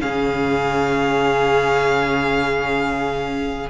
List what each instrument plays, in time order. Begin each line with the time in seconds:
0.00 cello C#3, viola C#4, violin G#4 F5